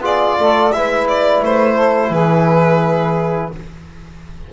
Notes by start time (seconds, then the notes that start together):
0.00 B3 F4 G#4 D5
0.40 A3 A4
0.72 G#3 E4 B4 E5
1.09 D5
1.43 A3 C5
1.74 A4
2.10 E3 G#4 B4